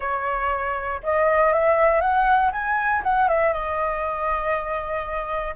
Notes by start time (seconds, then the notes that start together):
0.00 C#5
1.03 D#5
1.53 E5
2.01 F#5
2.52 G#5
3.03 F#5
3.28 E5
3.53 D#5